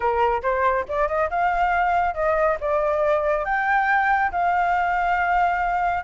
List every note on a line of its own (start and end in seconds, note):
0.00 0.42 A#4
0.42 0.85 C5
0.88 1.08 D5
1.08 1.29 D#5
1.29 2.14 F5
2.14 2.57 D#5
2.60 3.44 D5
3.44 4.31 G5
4.31 6.03 F5